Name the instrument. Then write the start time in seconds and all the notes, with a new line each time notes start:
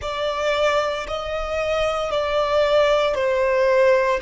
violin
0.01 D5
1.07 D#5
2.11 D5
3.14 C5